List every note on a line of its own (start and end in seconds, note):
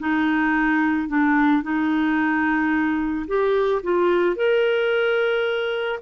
0.00 1.09 D#4
1.09 1.63 D4
1.63 3.27 D#4
3.28 3.82 G4
3.83 4.36 F4
4.36 6.00 A#4